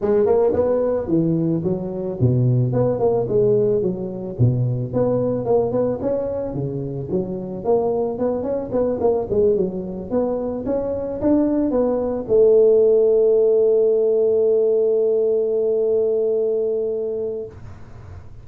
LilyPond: \new Staff \with { instrumentName = "tuba" } { \time 4/4 \tempo 4 = 110 gis8 ais8 b4 e4 fis4 | b,4 b8 ais8 gis4 fis4 | b,4 b4 ais8 b8 cis'4 | cis4 fis4 ais4 b8 cis'8 |
b8 ais8 gis8 fis4 b4 cis'8~ | cis'8 d'4 b4 a4.~ | a1~ | a1 | }